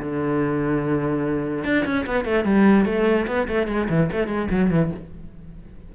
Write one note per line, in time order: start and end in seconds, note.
0.00 1.64 D3
1.64 1.85 D4
1.85 2.06 C#4
2.06 2.25 B3
2.25 2.44 A3
2.44 2.85 G3
2.85 3.26 A3
3.27 3.47 B3
3.48 3.67 A3
3.67 3.88 G#3
3.89 4.10 E3
4.12 4.27 A3
4.27 4.48 G#3
4.51 4.70 F#3
4.70 4.91 E3